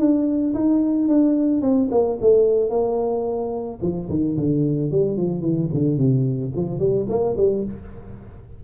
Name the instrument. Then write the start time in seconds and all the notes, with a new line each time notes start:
tuba
0.00 D4
0.55 D#4
1.09 D4
1.62 C4
1.92 A#3
2.21 A3
2.70 A#3
3.82 F3
4.10 D#3
4.37 D3
4.91 G3
5.18 F3
5.41 E3
5.74 D3
5.98 C3
6.56 F3
6.79 G3
7.10 A#3
7.38 G3